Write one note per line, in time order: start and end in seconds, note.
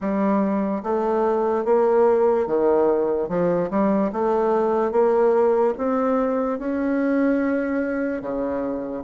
0.00 0.83 G3
0.83 1.64 A3
1.64 2.47 A#3
2.47 3.29 D#3
3.29 3.70 F3
3.70 4.11 G3
4.12 4.91 A3
4.91 5.73 A#3
5.77 6.59 C4
6.59 8.21 C#4
8.21 9.03 C#3